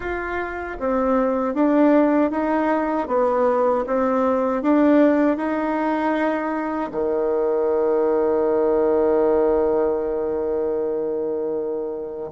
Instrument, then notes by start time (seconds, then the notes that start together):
bassoon
0.00 F4
0.79 C4
1.54 D4
2.30 D#4
3.07 B3
3.86 C4
4.62 D4
5.37 D#4
6.91 D#3